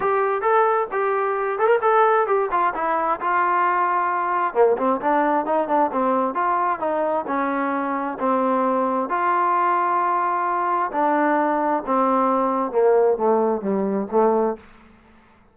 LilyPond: \new Staff \with { instrumentName = "trombone" } { \time 4/4 \tempo 4 = 132 g'4 a'4 g'4. a'16 ais'16 | a'4 g'8 f'8 e'4 f'4~ | f'2 ais8 c'8 d'4 | dis'8 d'8 c'4 f'4 dis'4 |
cis'2 c'2 | f'1 | d'2 c'2 | ais4 a4 g4 a4 | }